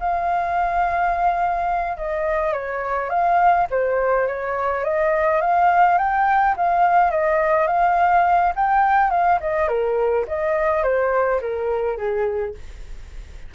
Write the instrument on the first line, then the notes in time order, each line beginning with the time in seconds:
flute
0.00 F5
1.97 D#5
2.53 C#5
3.10 F5
3.71 C5
4.28 C#5
4.84 D#5
5.42 F5
5.98 G5
6.57 F5
7.11 D#5
7.68 F5
8.56 G5
9.11 F5
9.41 D#5
9.68 A#4
10.28 D#5
10.83 C5
11.41 A#4
11.98 G#4